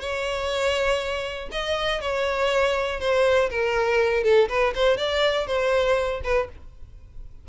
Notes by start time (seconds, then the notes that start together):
0.00 C#5
1.51 D#5
2.01 C#5
3.00 C5
3.50 A#4
4.23 A4
4.49 B4
4.75 C5
4.97 D5
5.47 C5
6.23 B4